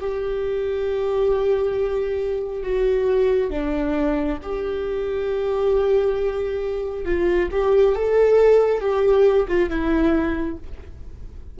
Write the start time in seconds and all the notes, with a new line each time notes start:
0.00 G4
2.63 F#4
3.50 D4
4.43 G4
7.05 F4
7.51 G4
7.95 A4
8.80 G4
9.48 F4
9.69 E4